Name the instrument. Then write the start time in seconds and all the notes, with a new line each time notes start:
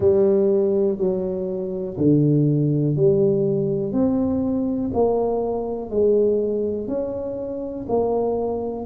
tuba
0.00 G3
0.97 F#3
1.97 D3
2.96 G3
3.92 C4
4.93 A#3
5.90 G#3
6.87 C#4
7.88 A#3